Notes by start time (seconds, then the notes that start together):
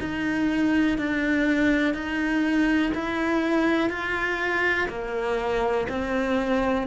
0.00 D#4
0.98 D4
1.94 D#4
2.94 E4
3.89 F4
4.89 A#3
5.89 C4